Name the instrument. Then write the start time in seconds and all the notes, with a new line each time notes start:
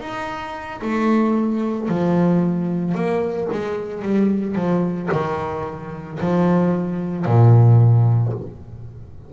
double bass
0.00 D#4
0.81 A3
1.88 F3
2.94 A#3
3.52 G#3
4.02 G3
4.55 F3
5.11 D#3
6.20 F3
7.25 A#2